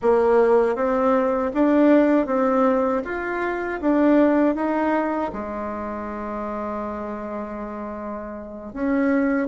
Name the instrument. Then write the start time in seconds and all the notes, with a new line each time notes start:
bassoon
0.02 A#3
0.75 C4
1.54 D4
2.26 C4
3.04 F4
3.80 D4
4.55 D#4
5.33 G#3
8.73 C#4